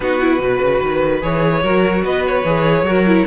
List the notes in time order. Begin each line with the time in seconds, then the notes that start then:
0.00 B3 D#4 F#4 B4
0.20 E4
0.39 B2 F#4 B4
0.61 C#3
0.82 D#3
1.21 E3 G#4 C#5
1.63 F#3 F#4 A#4
2.03 B3 B4 D#5
2.26 C#5
2.44 E3 G#4
2.83 F#3 F#4 A#4
3.07 E4